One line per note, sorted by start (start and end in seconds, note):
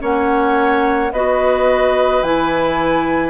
0.00 1.12 A#3
0.00 1.11 C#4
0.00 1.13 C#5
0.00 1.13 F#5
1.12 2.23 B3
1.12 2.25 F#4
1.12 3.30 B4
1.12 2.23 D#5
2.23 3.30 E3
2.23 3.30 E4
2.23 3.30 G#5